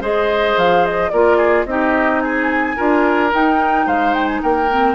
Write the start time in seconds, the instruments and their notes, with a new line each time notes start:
0.00 bassoon G#3, clarinet G#4, oboe C5, flute D#5
0.56 bassoon F3, flute F5
0.85 flute D#5
1.10 bassoon A#3, clarinet F4, oboe A#4, flute D5
1.37 oboe G#4
1.65 bassoon C4, clarinet D#4, oboe G4, flute D#5
2.20 oboe G#4, flute G#5
2.76 bassoon D4, clarinet F4, oboe A#4
3.30 clarinet D#4, bassoon D#4, flute G5
3.86 bassoon G#3, oboe C5, flute F5
4.14 flute G5
4.27 flute G#5
4.42 bassoon A#3, oboe A#4, flute G5
4.70 clarinet C4